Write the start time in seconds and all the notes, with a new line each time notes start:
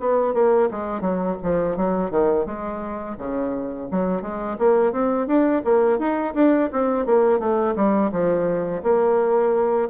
0.00 B3
0.34 A#3
0.71 G#3
1.01 F#3
1.43 F3
1.77 F#3
2.11 D#3
2.46 G#3
3.18 C#3
3.91 F#3
4.22 G#3
4.59 A#3
4.93 C4
5.27 D4
5.65 A#3
5.99 D#4
6.35 D4
6.73 C4
7.06 A#3
7.40 A3
7.76 G3
8.12 F3
8.83 A#3